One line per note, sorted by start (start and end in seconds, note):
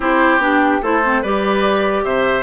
0.00 0.38 C4
0.00 0.40 E4
0.00 0.81 G4
0.00 0.42 C5
0.38 0.79 B3
0.38 0.81 D4
0.38 0.84 G4
0.81 1.23 A3
0.81 1.03 E4
0.81 1.22 A4
0.81 1.23 C5
1.03 1.23 C4
1.22 2.04 G3
1.22 2.43 G4
1.22 2.03 B4
1.22 2.04 D5
2.04 2.43 C3
2.04 2.43 C5
2.04 2.43 E5